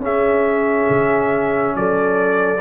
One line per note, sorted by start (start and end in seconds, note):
0.00 0.86 C#4
0.00 2.58 C#4
0.00 1.74 G#4
0.00 1.76 E5
0.90 1.75 C#3
1.76 2.61 F#3
1.76 2.61 A4
1.76 2.61 D5